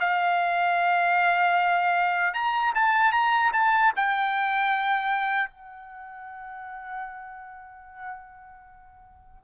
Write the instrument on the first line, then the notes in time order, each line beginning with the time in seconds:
trumpet
0.00 F5
2.34 A#5
2.75 A5
3.12 A#5
3.53 A5
3.97 G5
5.50 F#5